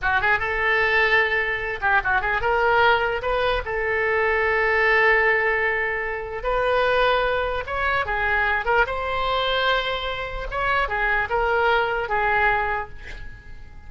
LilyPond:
\new Staff \with { instrumentName = "oboe" } { \time 4/4 \tempo 4 = 149 fis'8 gis'8 a'2.~ | a'8 g'8 fis'8 gis'8 ais'2 | b'4 a'2.~ | a'1 |
b'2. cis''4 | gis'4. ais'8 c''2~ | c''2 cis''4 gis'4 | ais'2 gis'2 | }